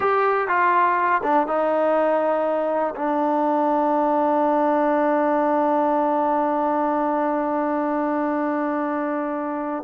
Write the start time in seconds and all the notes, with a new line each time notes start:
0.00 G4
0.47 F4
1.23 D4
1.47 D#4
2.95 D4